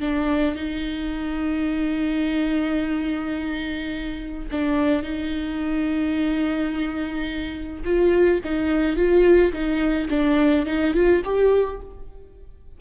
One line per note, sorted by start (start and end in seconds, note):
0.00 0.55 D4
0.55 4.48 D#4
4.51 5.03 D4
5.03 7.83 D#4
7.84 8.40 F4
8.44 8.96 D#4
8.96 9.52 F4
9.53 10.09 D#4
10.09 10.65 D4
10.66 10.94 D#4
10.94 11.22 F4
11.24 11.80 G4